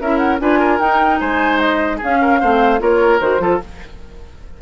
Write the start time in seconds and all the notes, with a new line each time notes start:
0.00 C#4 E4 A#4 E5
0.18 F#5
0.39 D4 F4 B4 G#5
0.59 A#4
0.79 D#4 G5
1.20 G#3 C5 G#5
1.59 D#5
1.97 C#4 G#4
2.03 C#4 F5
2.21 A#4
2.40 A3 C4 C5
2.79 A#3 F4 A#4 C#5
3.19 D#3 F#4 C5
3.38 F3 F4 A4